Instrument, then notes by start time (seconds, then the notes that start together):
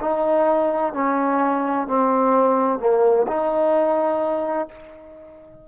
trombone
0.00 D#4
0.93 C#4
1.87 C4
2.79 A#3
3.27 D#4